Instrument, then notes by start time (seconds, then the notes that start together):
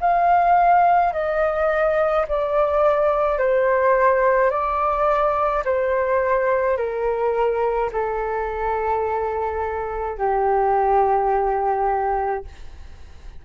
flute
0.00 F5
1.13 D#5
2.27 D5
3.38 C5
4.50 D5
5.64 C5
6.77 A#4
7.92 A4
10.18 G4